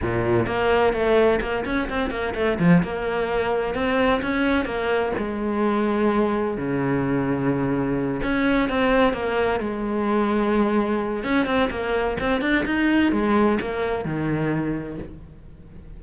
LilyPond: \new Staff \with { instrumentName = "cello" } { \time 4/4 \tempo 4 = 128 ais,4 ais4 a4 ais8 cis'8 | c'8 ais8 a8 f8 ais2 | c'4 cis'4 ais4 gis4~ | gis2 cis2~ |
cis4. cis'4 c'4 ais8~ | ais8 gis2.~ gis8 | cis'8 c'8 ais4 c'8 d'8 dis'4 | gis4 ais4 dis2 | }